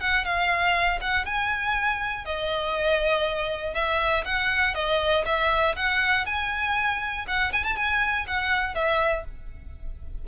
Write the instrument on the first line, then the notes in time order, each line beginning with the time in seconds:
violin
0.00 F#5
0.24 F5
1.00 F#5
1.25 G#5
2.25 D#5
3.74 E5
4.25 F#5
4.74 D#5
5.25 E5
5.75 F#5
6.25 G#5
7.27 F#5
7.52 G#5
7.63 A5
7.76 G#5
8.27 F#5
8.74 E5